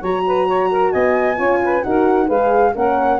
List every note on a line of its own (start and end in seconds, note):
0.00 0.93 F#3
0.00 1.36 F#4
0.00 0.23 C#5
0.00 0.92 A#5
0.26 0.47 B4
0.47 0.70 C#5
0.71 0.92 A#4
0.92 1.39 B3
0.92 1.37 D#5
0.92 1.83 G#5
1.36 1.84 C#4
1.36 1.82 F4
1.36 1.59 C#5
1.64 1.87 B4
1.83 2.30 D#4
1.83 2.28 F#4
1.83 2.27 A#4
1.83 2.28 F#5
2.27 2.75 G#3
2.27 2.73 G#4
2.27 2.72 B4
2.27 2.75 F5
2.75 3.19 A#3
2.75 3.19 C#4
2.75 3.19 A#4
2.75 3.19 F#5